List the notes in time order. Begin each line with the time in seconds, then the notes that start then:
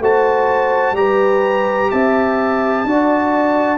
0.00 A3 F#4 C5 A5
0.92 G3 G4 B4 A#5
1.91 C4 E5 A5
2.85 D4 F#4 D5